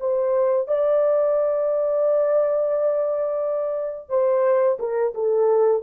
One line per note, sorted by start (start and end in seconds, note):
0.00 0.68 C5
0.68 4.09 D5
4.09 4.78 C5
4.79 5.14 A#4
5.14 5.82 A4